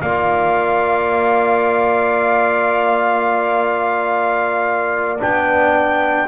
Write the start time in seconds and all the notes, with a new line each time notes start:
0.00 A#3 F4 D5 F5
5.19 B3 D4 G5